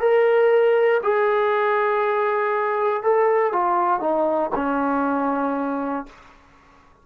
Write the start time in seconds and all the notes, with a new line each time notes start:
0.00 A#4
1.03 G#4
3.03 A4
3.53 F4
4.00 D#4
4.55 C#4